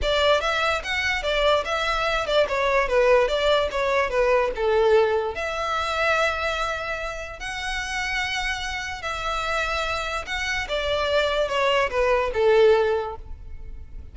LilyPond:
\new Staff \with { instrumentName = "violin" } { \time 4/4 \tempo 4 = 146 d''4 e''4 fis''4 d''4 | e''4. d''8 cis''4 b'4 | d''4 cis''4 b'4 a'4~ | a'4 e''2.~ |
e''2 fis''2~ | fis''2 e''2~ | e''4 fis''4 d''2 | cis''4 b'4 a'2 | }